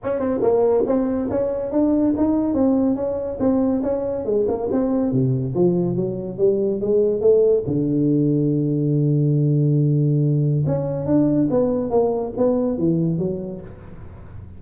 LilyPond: \new Staff \with { instrumentName = "tuba" } { \time 4/4 \tempo 4 = 141 cis'8 c'8 ais4 c'4 cis'4 | d'4 dis'4 c'4 cis'4 | c'4 cis'4 gis8 ais8 c'4 | c4 f4 fis4 g4 |
gis4 a4 d2~ | d1~ | d4 cis'4 d'4 b4 | ais4 b4 e4 fis4 | }